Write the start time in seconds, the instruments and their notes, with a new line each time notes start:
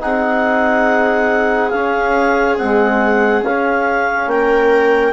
0.00 bassoon C4, trombone D#4, viola G#4, clarinet F#5
1.70 bassoon C#4, trombone C#4, clarinet F5
2.57 trombone G#3, bassoon C4, clarinet F#5
3.42 bassoon C#4, trombone C#4, clarinet F5
4.27 bassoon A#3, viola A#4, clarinet G5